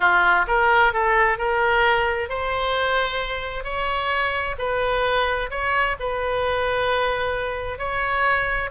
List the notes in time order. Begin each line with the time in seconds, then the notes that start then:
0.00 F4
0.47 A#4
0.93 A4
1.38 A#4
2.29 C5
3.64 C#5
4.58 B4
5.50 C#5
5.99 B4
7.78 C#5